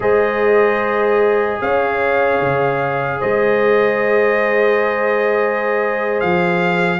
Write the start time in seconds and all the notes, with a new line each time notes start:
0.00 G#3 G#4 C5 D#5
1.61 C#4 C#5 F5
2.41 C#3
3.19 G#3 C5 D#5
6.20 F3 F5